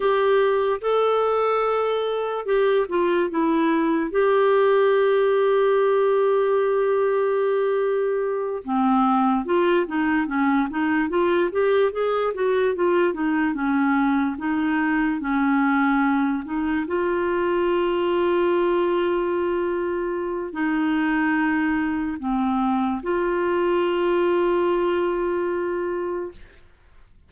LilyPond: \new Staff \with { instrumentName = "clarinet" } { \time 4/4 \tempo 4 = 73 g'4 a'2 g'8 f'8 | e'4 g'2.~ | g'2~ g'8 c'4 f'8 | dis'8 cis'8 dis'8 f'8 g'8 gis'8 fis'8 f'8 |
dis'8 cis'4 dis'4 cis'4. | dis'8 f'2.~ f'8~ | f'4 dis'2 c'4 | f'1 | }